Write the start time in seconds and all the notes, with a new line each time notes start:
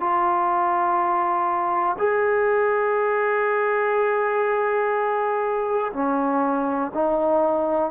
0.00 F4
1.99 G#4
5.93 C#4
6.94 D#4